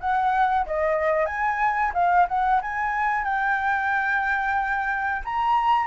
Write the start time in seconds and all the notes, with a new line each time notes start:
0.00 F#5
0.66 D#5
1.26 G#5
1.94 F5
2.28 F#5
2.62 G#5
3.24 G5
5.25 A#5